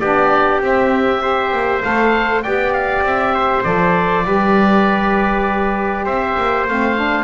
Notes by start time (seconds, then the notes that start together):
0.00 B3 D4 G4 D5
0.61 C4 E5
1.21 G4 C5
1.53 A#3
1.83 A3 A4 F5
2.43 B3 G4 D5 G5
2.73 F5
3.02 C4 E5
3.35 C5
3.64 F3 A4 D5
4.25 G3 G4 B4
6.05 C4 C5 E5
6.38 A#3
6.68 A3 C4 F5
6.97 D4